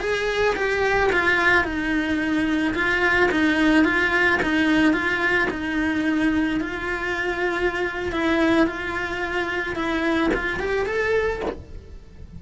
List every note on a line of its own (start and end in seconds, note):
0.00 0.55 G#4
0.56 1.11 G4
1.13 1.64 F4
1.64 2.74 D#4
2.74 3.30 F4
3.31 3.85 D#4
3.85 4.40 F4
4.42 4.93 D#4
4.93 5.48 F4
5.50 6.60 D#4
6.61 8.12 F4
8.12 8.67 E4
8.67 9.76 F4
9.76 10.31 E4
10.34 10.59 F4
10.59 10.86 G4
10.86 11.41 A4